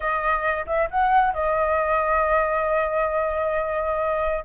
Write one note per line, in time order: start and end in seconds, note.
0.00 0.65 D#5
0.66 0.88 E5
0.90 1.33 F#5
1.33 4.44 D#5